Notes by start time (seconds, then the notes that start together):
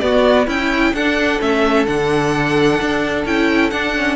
0.00 B3 F#4 D5
0.47 C#4 E4 G5
0.94 D4 A4 F#5
1.40 A3 C#4 E5
1.86 D3 D4 F#5
2.82 D4
3.25 C#4 E4 G5
3.71 D4 F#5
3.96 C#4